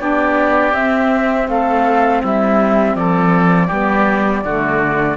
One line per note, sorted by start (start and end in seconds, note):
0.00 0.74 B3
0.00 0.73 D4
0.00 1.48 G4
0.00 0.74 D5
0.73 3.69 C4
0.73 1.48 C4
0.73 1.48 E5
1.48 2.22 A3
1.48 2.23 A4
1.48 2.23 F5
2.23 2.96 G3
2.23 2.97 E4
2.23 2.96 E5
2.96 3.70 F3
2.96 3.68 A4
2.96 5.18 D5
3.68 4.45 G3
3.68 4.44 B3
3.68 4.42 G4
4.45 5.18 D3
4.45 5.18 A3
4.45 5.18 F#4